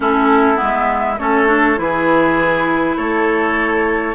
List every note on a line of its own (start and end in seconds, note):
0.00 0.57 A3
0.00 0.55 C#4
0.00 1.19 E4
0.00 0.59 A4
0.55 1.15 B3
0.55 1.18 E5
0.61 1.18 G#3
1.18 1.78 A3
1.18 1.46 C#4
1.18 1.79 A4
1.18 1.78 C#5
1.46 1.76 D4
1.76 2.97 E3
1.76 4.14 E4
1.76 2.97 G#4
1.76 2.97 B4
2.97 4.15 A3
2.97 4.15 A4
2.97 4.15 C#5